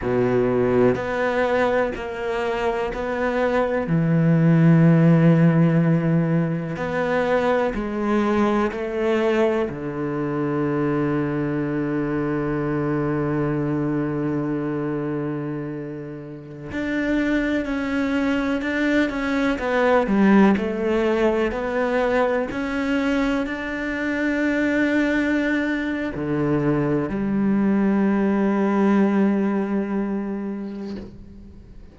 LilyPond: \new Staff \with { instrumentName = "cello" } { \time 4/4 \tempo 4 = 62 b,4 b4 ais4 b4 | e2. b4 | gis4 a4 d2~ | d1~ |
d4~ d16 d'4 cis'4 d'8 cis'16~ | cis'16 b8 g8 a4 b4 cis'8.~ | cis'16 d'2~ d'8. d4 | g1 | }